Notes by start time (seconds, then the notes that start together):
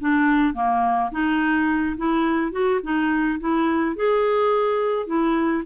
0.00 D4
0.54 A#3
1.11 D#4
1.97 E4
2.52 F#4
2.83 D#4
3.39 E4
3.96 G#4
5.07 E4